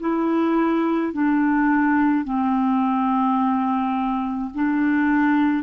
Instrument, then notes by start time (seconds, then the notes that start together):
clarinet
0.00 E4
1.13 D4
2.24 C4
4.54 D4